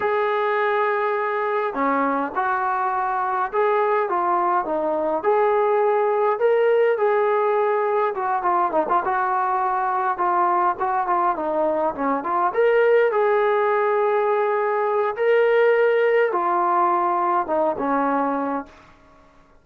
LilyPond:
\new Staff \with { instrumentName = "trombone" } { \time 4/4 \tempo 4 = 103 gis'2. cis'4 | fis'2 gis'4 f'4 | dis'4 gis'2 ais'4 | gis'2 fis'8 f'8 dis'16 f'16 fis'8~ |
fis'4. f'4 fis'8 f'8 dis'8~ | dis'8 cis'8 f'8 ais'4 gis'4.~ | gis'2 ais'2 | f'2 dis'8 cis'4. | }